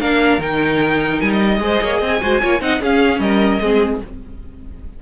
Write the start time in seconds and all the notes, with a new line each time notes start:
0.00 A#3 D4 A#4 F5
0.38 D#3 D#4 G5
1.21 G3 G#5
1.32 D#5
1.60 G#3 G#4 C5
1.82 A#3 C#5
1.98 C4 D#5
2.06 G#5
2.21 G#3 F#4 C5
2.41 A#3 F4 C#5
2.60 C4 D#4 D#5 F#5
2.81 C#4 G#4 F5
3.19 G3 A#4 D#5
3.61 G#3 C4 G#4